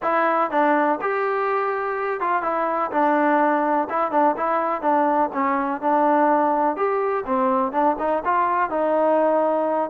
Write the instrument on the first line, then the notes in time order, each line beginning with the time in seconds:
trombone
0.02 E4
0.50 D4
1.01 G4
2.20 F4
2.42 E4
2.91 D4
3.89 E4
4.11 D4
4.37 E4
4.81 D4
5.33 C#4
5.81 D4
6.76 G4
7.26 C4
7.72 D4
7.98 D#4
8.24 F4
8.70 D#4